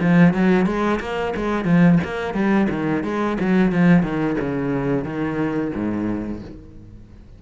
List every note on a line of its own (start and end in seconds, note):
0.00 0.33 F3
0.33 0.66 F#3
0.66 1.00 G#3
1.00 1.33 A#3
1.36 1.65 G#3
1.65 1.99 F3
2.04 2.34 A#3
2.34 2.68 G3
2.70 3.03 D#3
3.04 3.37 G#3
3.40 3.72 F#3
3.72 4.03 F3
4.03 4.36 D#3
4.40 5.04 C#3
5.04 5.72 D#3
5.74 6.42 G#2